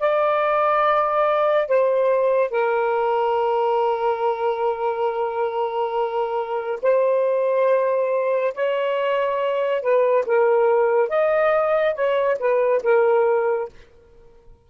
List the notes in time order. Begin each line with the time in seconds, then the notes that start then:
0.00 D5
1.68 C5
2.51 A#4
6.83 C5
8.55 C#5
9.82 B4
10.27 A#4
11.10 D#5
11.95 C#5
12.40 B4
12.83 A#4